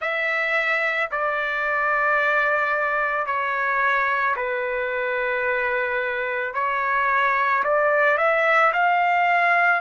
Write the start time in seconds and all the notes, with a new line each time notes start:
0.00 E5
1.11 D5
3.26 C#5
4.35 B4
6.54 C#5
7.63 D5
8.17 E5
8.73 F5